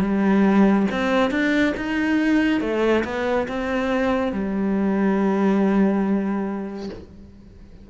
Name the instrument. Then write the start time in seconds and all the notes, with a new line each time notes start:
cello
0.00 G3
0.91 C4
1.30 D4
1.76 D#4
2.60 A3
3.04 B3
3.48 C4
4.32 G3